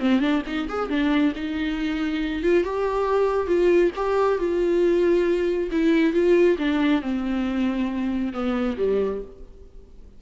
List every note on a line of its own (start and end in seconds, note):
0.00 0.21 C4
0.21 0.42 D4
0.47 0.69 D#4
0.69 0.90 G#4
0.90 1.33 D4
1.36 2.43 D#4
2.43 2.64 F4
2.64 3.47 G4
3.47 3.91 F4
3.96 4.39 G4
4.39 5.70 F4
5.72 6.13 E4
6.13 6.57 F4
6.58 7.02 D4
7.02 8.33 C4
8.33 8.77 B3
8.78 9.21 G3